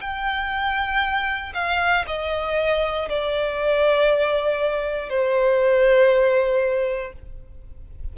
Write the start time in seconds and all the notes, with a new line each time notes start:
0.00 G5
1.54 F5
2.07 D#5
3.09 D5
5.09 C5